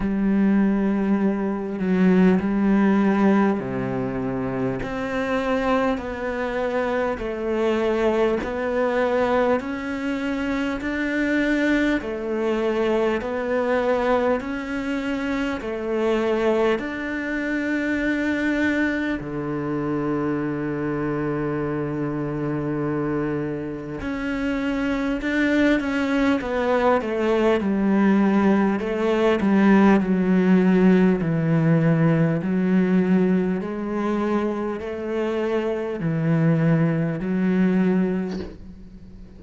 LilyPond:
\new Staff \with { instrumentName = "cello" } { \time 4/4 \tempo 4 = 50 g4. fis8 g4 c4 | c'4 b4 a4 b4 | cis'4 d'4 a4 b4 | cis'4 a4 d'2 |
d1 | cis'4 d'8 cis'8 b8 a8 g4 | a8 g8 fis4 e4 fis4 | gis4 a4 e4 fis4 | }